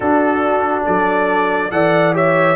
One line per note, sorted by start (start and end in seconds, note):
0.00 0.83 D4
0.00 1.71 D4
0.00 0.86 F#4
0.00 0.83 A4
0.86 1.71 F#3
0.86 1.71 A4
0.86 1.71 D5
1.71 2.55 E3
1.71 2.13 A4
1.71 2.15 D5
1.71 2.14 F#5
2.13 2.55 G4
2.13 2.55 C#5
2.13 2.55 E5